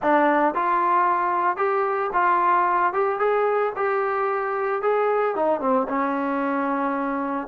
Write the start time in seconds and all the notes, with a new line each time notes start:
0.02 D4
0.54 F4
1.57 G4
2.13 F4
2.93 G4
3.19 G#4
3.76 G4
4.82 G#4
5.35 D#4
5.60 C4
5.88 C#4